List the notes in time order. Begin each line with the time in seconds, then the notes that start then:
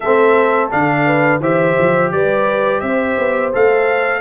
0.00 A3 C4 A4 E5
0.70 D3 D4 F5
1.05 B4
1.40 E3 G4 C5 E5
1.78 F3
2.11 G3 B4 D5
2.80 C4 C5 E5
3.18 B3
3.53 A3 A4 F5